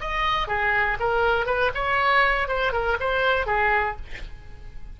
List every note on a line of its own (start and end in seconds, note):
0.00 0.47 D#5
0.47 0.97 G#4
1.00 1.46 A#4
1.46 1.71 B4
1.74 2.48 C#5
2.48 2.72 C5
2.72 2.97 A#4
3.00 3.46 C5
3.46 3.96 G#4